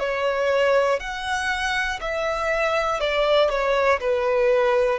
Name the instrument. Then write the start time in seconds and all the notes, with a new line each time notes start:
violin
0.00 C#5
1.00 F#5
2.01 E5
3.00 D5
3.50 C#5
4.01 B4